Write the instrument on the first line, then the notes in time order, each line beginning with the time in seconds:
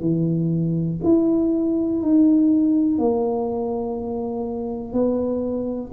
tuba
0.00 E3
1.03 E4
2.02 D#4
2.98 A#3
4.93 B3